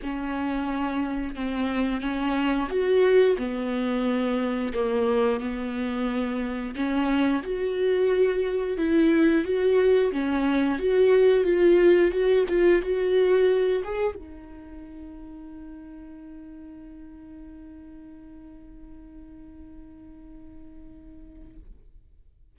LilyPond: \new Staff \with { instrumentName = "viola" } { \time 4/4 \tempo 4 = 89 cis'2 c'4 cis'4 | fis'4 b2 ais4 | b2 cis'4 fis'4~ | fis'4 e'4 fis'4 cis'4 |
fis'4 f'4 fis'8 f'8 fis'4~ | fis'8 gis'8 dis'2.~ | dis'1~ | dis'1 | }